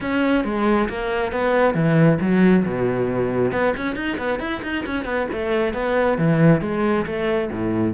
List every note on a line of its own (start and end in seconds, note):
0.01 0.44 C#4
0.44 0.88 G#3
0.88 1.32 A#3
1.32 1.74 B3
1.74 2.18 E3
2.20 2.65 F#3
2.65 3.52 B2
3.52 3.74 B3
3.76 3.95 C#4
3.95 4.17 D#4
4.18 4.39 B3
4.39 4.61 E4
4.62 4.84 D#4
4.85 5.05 C#4
5.05 5.27 B3
5.32 5.73 A3
5.73 6.17 B3
6.18 6.61 E3
6.61 7.05 G#3
7.06 7.50 A3
7.52 7.94 A2